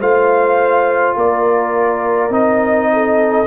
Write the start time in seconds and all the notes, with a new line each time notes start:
0.00 A3 F4 C5 F5
1.16 A#3 A#4 D5
2.30 C4 D#4 D#5
2.93 A4